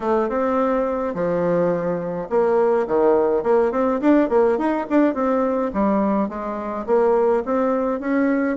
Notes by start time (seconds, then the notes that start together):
0.00 A3
0.29 C4
1.14 F3
2.29 A#3
2.87 D#3
3.43 A#3
3.71 C4
4.00 D4
4.29 A#3
4.57 D#4
4.89 D4
5.14 C4
5.73 G3
6.28 G#3
6.86 A#3
7.45 C4
7.99 C#4